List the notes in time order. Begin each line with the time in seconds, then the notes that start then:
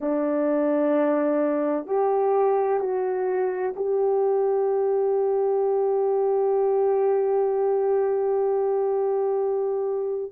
0.00 D4
1.86 G4
2.80 F#4
3.76 G4